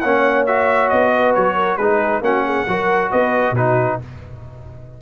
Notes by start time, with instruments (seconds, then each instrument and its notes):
0.00 tuba A#3, trombone C#4, horn C#5, trumpet F#5
0.46 trombone F#4, trumpet E5
0.89 tuba B3, trumpet D#5
1.13 horn B4
1.34 tuba F#3, trumpet C#5
1.55 horn A#4
1.77 tuba G#3, trombone D#4, horn G#4, trumpet B4
2.21 tuba A#3, trombone C#4, horn F#4, trumpet F#5
2.44 horn G#4
2.67 tuba F#3, trombone F#4, horn A#4
3.11 tuba B3, horn B4, trumpet D#5
3.51 tuba B2, trombone D#4, horn F#4, trumpet B4